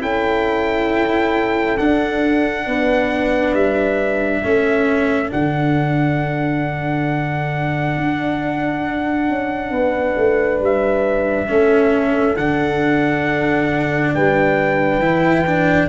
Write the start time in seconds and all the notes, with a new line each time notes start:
0.00 C#4 E4 A4 G5
1.78 D4 F#5
2.67 B3 B4
3.53 G3 E5
4.43 A3 C#4 A4
5.29 D3 D4 F#5
7.97 D4
9.29 C#4
9.71 B3 B4
10.17 A3
10.60 G3 E5
11.48 A3 C#4 A4
12.37 D3 D4 F#5
14.14 G3 B4 G5
14.99 E3 E4
15.47 D4